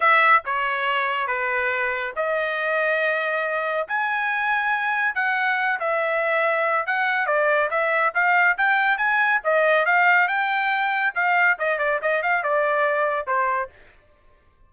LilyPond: \new Staff \with { instrumentName = "trumpet" } { \time 4/4 \tempo 4 = 140 e''4 cis''2 b'4~ | b'4 dis''2.~ | dis''4 gis''2. | fis''4. e''2~ e''8 |
fis''4 d''4 e''4 f''4 | g''4 gis''4 dis''4 f''4 | g''2 f''4 dis''8 d''8 | dis''8 f''8 d''2 c''4 | }